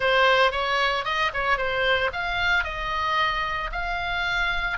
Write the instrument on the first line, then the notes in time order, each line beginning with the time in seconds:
oboe
0.00 C5
0.51 C#5
1.04 D#5
1.33 C#5
1.57 C5
2.12 F5
2.64 D#5
3.72 F5